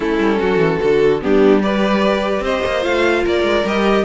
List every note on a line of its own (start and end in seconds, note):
0.00 0.18 A3
0.00 0.79 C#4
0.00 0.39 E4
0.00 1.21 A4
0.18 0.39 G3
0.39 0.57 F#3
0.39 0.79 F#4
0.57 0.77 E3
0.79 1.23 D3
0.79 1.20 F#4
0.79 1.21 A4
1.20 2.39 G3
1.20 1.60 B3
1.20 1.62 D4
1.20 1.62 G4
1.62 2.81 G4
1.62 2.43 B4
1.62 2.44 D5
2.39 2.60 C4
2.39 3.23 C5
2.39 2.84 D#5
2.66 2.85 A#3
2.81 3.25 A3
2.81 3.62 F4
2.81 3.24 F5
3.23 3.42 A#3
3.23 4.04 A#4
3.23 3.67 D5
3.42 3.63 G#3
3.64 4.04 G3
3.64 4.04 G4
3.64 4.04 D#5